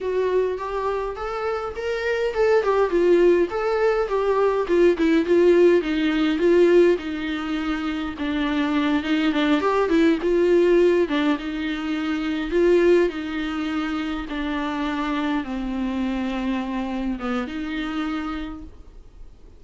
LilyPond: \new Staff \with { instrumentName = "viola" } { \time 4/4 \tempo 4 = 103 fis'4 g'4 a'4 ais'4 | a'8 g'8 f'4 a'4 g'4 | f'8 e'8 f'4 dis'4 f'4 | dis'2 d'4. dis'8 |
d'8 g'8 e'8 f'4. d'8 dis'8~ | dis'4. f'4 dis'4.~ | dis'8 d'2 c'4.~ | c'4. b8 dis'2 | }